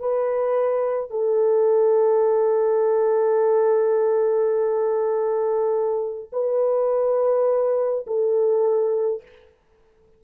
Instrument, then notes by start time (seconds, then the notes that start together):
horn
0.00 B4
1.11 A4
6.33 B4
8.07 A4